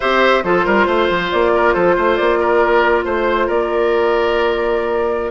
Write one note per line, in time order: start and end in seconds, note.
0.00 0.43 C4
0.00 0.43 G4
0.00 0.43 C5
0.00 0.43 E5
0.43 0.65 F3
0.43 5.30 F4
0.43 0.65 A4
0.43 1.30 C5
0.65 0.87 G3
0.65 0.86 A#4
0.86 1.08 A3
0.86 1.51 C5
1.09 1.31 F3
1.31 1.75 A#3
1.31 1.73 D5
1.54 1.73 A#4
1.73 1.97 F3
1.73 1.95 A4
1.73 2.16 C5
1.95 2.19 A3
1.95 2.39 C5
2.16 3.04 A#3
2.16 3.03 D5
2.39 3.05 A#4
3.04 3.48 A3
3.04 3.46 C5
3.04 3.49 C5
3.46 5.30 A#3
3.46 5.30 A#4
3.46 5.30 D5